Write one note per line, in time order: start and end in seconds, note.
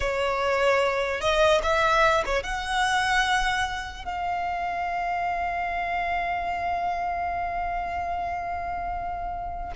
0.00 1.20 C#5
1.20 1.61 D#5
1.62 2.23 E5
2.25 2.43 C#5
2.43 4.04 F#5
4.04 9.72 F5